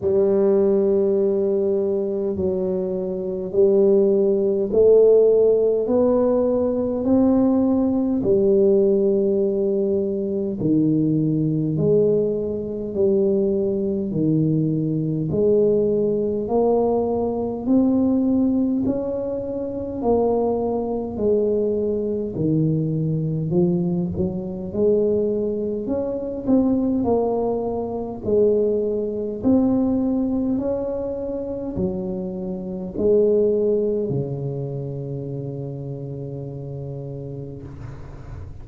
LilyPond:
\new Staff \with { instrumentName = "tuba" } { \time 4/4 \tempo 4 = 51 g2 fis4 g4 | a4 b4 c'4 g4~ | g4 dis4 gis4 g4 | dis4 gis4 ais4 c'4 |
cis'4 ais4 gis4 dis4 | f8 fis8 gis4 cis'8 c'8 ais4 | gis4 c'4 cis'4 fis4 | gis4 cis2. | }